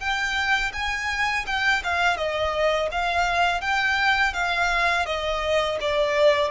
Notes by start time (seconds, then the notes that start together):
0.00 G5
0.73 G#5
1.47 G5
1.84 F5
2.17 D#5
2.91 F5
3.61 G5
4.34 F5
5.06 D#5
5.81 D5